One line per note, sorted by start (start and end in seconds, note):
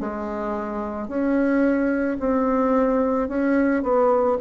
0.00 1.08 G#3
1.08 2.17 C#4
2.19 3.28 C4
3.28 3.82 C#4
3.82 4.37 B3